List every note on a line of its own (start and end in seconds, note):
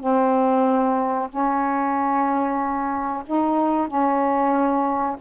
0.00 1.29 C4
1.30 3.23 C#4
3.26 3.87 D#4
3.87 5.17 C#4